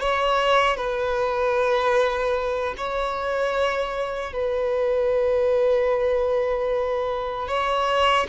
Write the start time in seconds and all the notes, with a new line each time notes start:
0.00 C#5
0.77 B4
2.77 C#5
4.32 B4
7.47 C#5